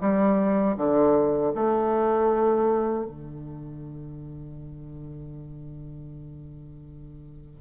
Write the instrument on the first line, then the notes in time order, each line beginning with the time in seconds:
bassoon
0.00 G3
0.77 D3
1.54 A3
3.05 D3